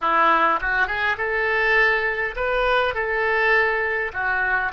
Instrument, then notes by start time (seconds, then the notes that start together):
oboe
0.01 E4
0.61 F#4
0.87 G#4
1.17 A4
2.36 B4
2.94 A4
4.13 F#4